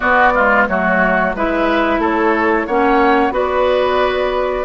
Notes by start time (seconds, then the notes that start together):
0.00 B3 F#4 D5
0.34 G#3 F4
0.67 F#3 A3 F#4 C#5
1.35 G#3 E4 B4 E5
1.98 A3 A4 C#5
2.66 A#3 C#4 C#5 F#5
3.30 B3 F#4 B4 D5